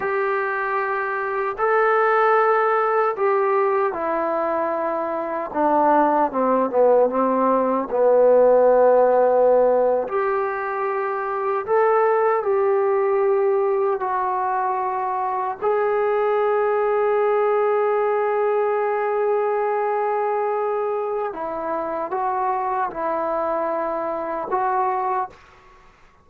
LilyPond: \new Staff \with { instrumentName = "trombone" } { \time 4/4 \tempo 4 = 76 g'2 a'2 | g'4 e'2 d'4 | c'8 b8 c'4 b2~ | b8. g'2 a'4 g'16~ |
g'4.~ g'16 fis'2 gis'16~ | gis'1~ | gis'2. e'4 | fis'4 e'2 fis'4 | }